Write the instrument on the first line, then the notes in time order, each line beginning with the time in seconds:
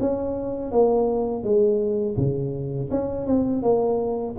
tuba
0.00 C#4
0.72 A#3
1.43 G#3
2.17 C#3
2.91 C#4
3.26 C4
3.62 A#3